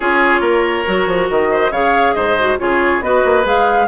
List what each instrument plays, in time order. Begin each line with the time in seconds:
0.00 bassoon C#4, clarinet F4, oboe G#4, flute C#5
0.40 bassoon A#3, oboe A#4
0.86 bassoon F#3, clarinet F#4
1.06 bassoon F3
1.30 bassoon D#3, flute D#5
1.51 oboe C5
1.71 bassoon C#3, clarinet G#4, oboe C#5, flute F5
2.13 bassoon G#2, oboe C5, flute D#5
2.39 clarinet F#4
2.58 bassoon C#3, clarinet F4, oboe G#4, flute C#5
3.00 bassoon B3, clarinet F#4, oboe B4, flute D#5
3.24 bassoon A#3
3.43 bassoon G#3, clarinet G#4, flute F5